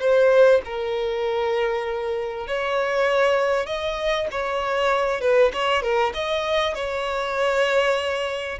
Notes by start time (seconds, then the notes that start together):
0.00 C5
0.65 A#4
2.47 C#5
3.66 D#5
4.31 C#5
5.21 B4
5.53 C#5
5.82 A#4
6.14 D#5
6.75 C#5